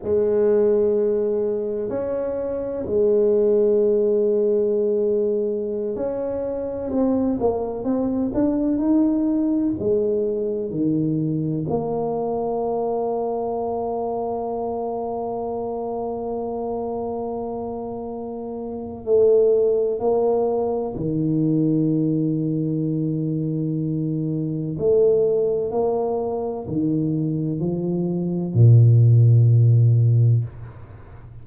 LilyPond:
\new Staff \with { instrumentName = "tuba" } { \time 4/4 \tempo 4 = 63 gis2 cis'4 gis4~ | gis2~ gis16 cis'4 c'8 ais16~ | ais16 c'8 d'8 dis'4 gis4 dis8.~ | dis16 ais2.~ ais8.~ |
ais1 | a4 ais4 dis2~ | dis2 a4 ais4 | dis4 f4 ais,2 | }